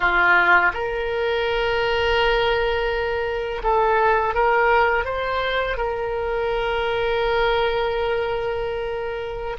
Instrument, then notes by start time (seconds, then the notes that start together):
oboe
0.00 F4
0.73 A#4
3.63 A4
4.34 A#4
5.04 C5
5.77 A#4